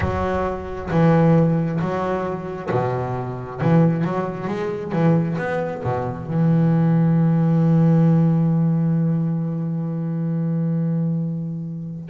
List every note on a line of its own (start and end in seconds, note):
0.00 0.89 F#3
0.90 1.80 E3
1.80 2.70 F#3
2.71 3.60 B2
3.60 4.04 E3
4.04 4.47 F#3
4.47 4.92 G#3
4.92 5.36 E3
5.38 5.82 B3
5.83 6.27 B2
6.27 12.09 E3